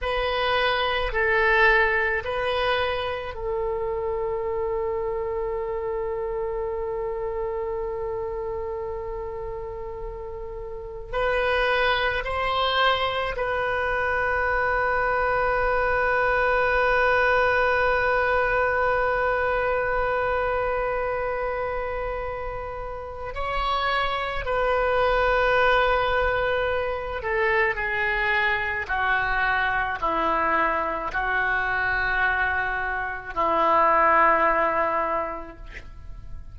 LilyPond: \new Staff \with { instrumentName = "oboe" } { \time 4/4 \tempo 4 = 54 b'4 a'4 b'4 a'4~ | a'1~ | a'2 b'4 c''4 | b'1~ |
b'1~ | b'4 cis''4 b'2~ | b'8 a'8 gis'4 fis'4 e'4 | fis'2 e'2 | }